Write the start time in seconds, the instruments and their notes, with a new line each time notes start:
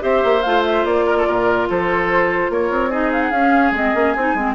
0.00 bassoon C4, clarinet G4, oboe C5, flute E5
0.24 bassoon A#3
0.43 bassoon A3, clarinet F4, flute F5
0.66 flute E5
0.85 bassoon A#3, flute D5
1.06 oboe A#4
1.18 oboe A4
1.28 bassoon A#2, oboe A#4
1.70 bassoon F3, oboe A4, flute C5
2.50 bassoon A#3, oboe A#4, flute C#5
2.71 bassoon C4
2.91 clarinet D#4, oboe G#4, flute D#5
3.13 flute F5
3.23 flute F#5
3.31 bassoon C#4, clarinet C#4, flute F5
3.72 bassoon G#3, clarinet C4, flute D#5
3.95 bassoon A#3, clarinet C#4
4.13 bassoon C4, clarinet D#4, flute G#5
4.35 bassoon G#3, clarinet C4